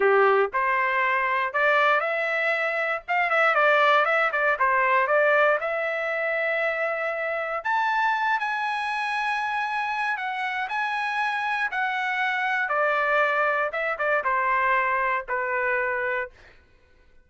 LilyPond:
\new Staff \with { instrumentName = "trumpet" } { \time 4/4 \tempo 4 = 118 g'4 c''2 d''4 | e''2 f''8 e''8 d''4 | e''8 d''8 c''4 d''4 e''4~ | e''2. a''4~ |
a''8 gis''2.~ gis''8 | fis''4 gis''2 fis''4~ | fis''4 d''2 e''8 d''8 | c''2 b'2 | }